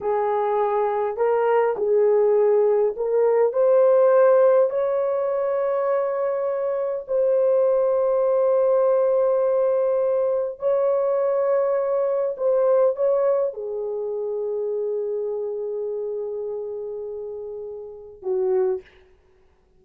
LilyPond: \new Staff \with { instrumentName = "horn" } { \time 4/4 \tempo 4 = 102 gis'2 ais'4 gis'4~ | gis'4 ais'4 c''2 | cis''1 | c''1~ |
c''2 cis''2~ | cis''4 c''4 cis''4 gis'4~ | gis'1~ | gis'2. fis'4 | }